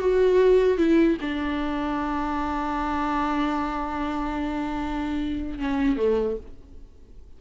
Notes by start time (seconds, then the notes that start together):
0.00 F#4
0.78 E4
1.22 D4
5.59 C#4
5.97 A3